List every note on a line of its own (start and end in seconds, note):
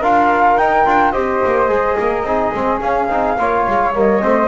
0.00 0.57 D4
0.00 0.59 F4
0.00 1.12 A#4
0.00 0.57 F5
0.57 0.85 D#4
0.57 1.12 G5
0.85 1.14 D4
0.85 1.13 F4
1.12 1.42 C4
1.12 1.68 G4
1.12 1.97 C5
1.12 2.80 D#5
1.45 1.68 A#3
1.68 1.96 G#3
1.68 2.24 G#4
1.99 2.23 A#3
1.99 2.26 A#4
2.23 2.51 C4
2.23 2.54 D#4
2.23 3.38 G#4
2.54 2.82 G#3
2.54 2.80 C4
2.80 3.09 C#4
2.80 3.94 F5
3.09 3.37 C4
3.09 3.37 D#4
3.39 3.67 A#3
3.39 3.94 F4
3.39 4.23 C#5
3.67 3.95 G#3
3.94 4.23 G3
3.94 4.20 A#3
3.94 4.48 D#5
4.20 4.48 A3
4.20 4.48 C4
4.20 4.48 C5